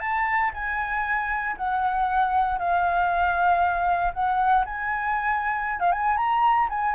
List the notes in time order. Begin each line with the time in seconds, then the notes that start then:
0.00 A5
0.54 G#5
1.57 F#5
2.59 F5
4.14 F#5
4.66 G#5
5.80 F5
5.92 G#5
6.17 A#5
6.70 G#5